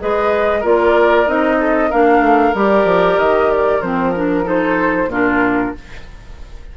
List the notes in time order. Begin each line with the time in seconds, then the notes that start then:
0.00 G#3 G#4 B4 D#5
0.60 A#3 F4 A#4 D5
1.26 C4 D#4 D#5
1.60 A4
1.90 A#3 D4 A#4 F5
2.19 A3
2.55 G3 G4 D5
2.84 F3
3.18 D#3 D#5
3.51 D5
3.81 F3 C4 C5
4.15 D4 A#4
4.44 D#4 A4 C5
5.07 A#2 D4 F4 A#4